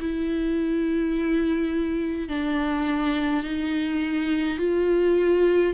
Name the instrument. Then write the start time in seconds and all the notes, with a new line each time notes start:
viola
0.00 E4
2.29 D4
3.44 D#4
4.58 F4